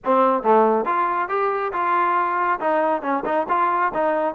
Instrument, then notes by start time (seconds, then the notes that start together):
trombone
0.04 C4
0.42 A3
0.85 F4
1.28 G4
1.72 F4
2.60 D#4
3.02 C#4
3.25 D#4
3.49 F4
3.93 D#4